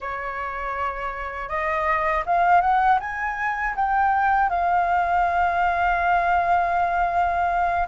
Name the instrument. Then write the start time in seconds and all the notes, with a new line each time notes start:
flute
0.00 C#5
1.48 D#5
2.26 F5
2.61 F#5
3.00 G#5
3.75 G5
4.49 F5